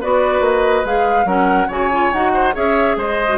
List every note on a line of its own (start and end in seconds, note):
0.00 0.40 B3
0.00 0.85 F#4
0.00 1.26 B4
0.00 0.43 D5
0.40 0.82 A#3
0.40 0.85 D#5
0.84 1.25 G#3
0.84 1.26 G#4
0.84 1.28 F5
1.25 1.67 F#3
1.25 1.68 C#4
1.25 1.68 A#4
1.25 1.70 F#5
1.68 2.11 C#3
1.68 1.90 F#4
1.68 2.31 C#5
1.68 2.12 G#5
1.92 2.13 F4
2.12 2.55 D#4
2.12 2.53 F#4
2.12 2.54 F#5
2.33 2.54 C5
2.53 2.96 C#4
2.53 3.27 G#4
2.53 2.96 C#5
2.53 2.98 E5
2.96 3.38 G#3
2.96 3.38 C5
2.96 3.38 D#5
3.28 3.38 F#4